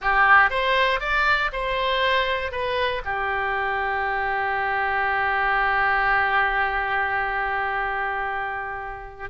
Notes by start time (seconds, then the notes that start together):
0.01 G4
0.50 C5
1.00 D5
1.52 C5
2.51 B4
3.04 G4